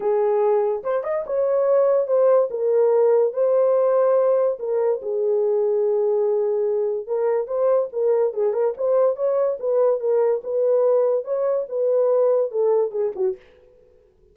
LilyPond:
\new Staff \with { instrumentName = "horn" } { \time 4/4 \tempo 4 = 144 gis'2 c''8 dis''8 cis''4~ | cis''4 c''4 ais'2 | c''2. ais'4 | gis'1~ |
gis'4 ais'4 c''4 ais'4 | gis'8 ais'8 c''4 cis''4 b'4 | ais'4 b'2 cis''4 | b'2 a'4 gis'8 fis'8 | }